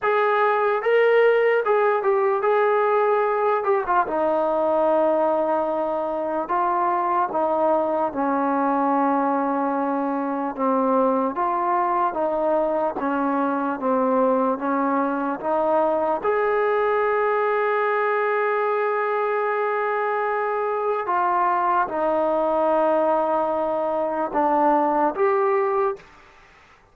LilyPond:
\new Staff \with { instrumentName = "trombone" } { \time 4/4 \tempo 4 = 74 gis'4 ais'4 gis'8 g'8 gis'4~ | gis'8 g'16 f'16 dis'2. | f'4 dis'4 cis'2~ | cis'4 c'4 f'4 dis'4 |
cis'4 c'4 cis'4 dis'4 | gis'1~ | gis'2 f'4 dis'4~ | dis'2 d'4 g'4 | }